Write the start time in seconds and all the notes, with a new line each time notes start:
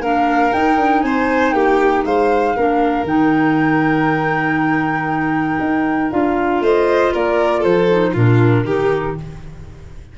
0.00 A#3 D4 A#4 F5
0.52 D#4 G5
0.78 D4
1.01 C4 C5 G#5
1.52 A#3 G4 G5
2.05 G#3 C5 F5
2.56 A#3 D4 A#4
3.03 D#3 D#4 G5
5.60 D#4
6.11 D4 F4 F5
6.61 A3 C5 D#5
7.13 A#3 A#4 D5
7.60 F3 A4 C5
7.90 D#4
8.12 A#2 D4 F4 A#4
8.65 D#3 D#4 G4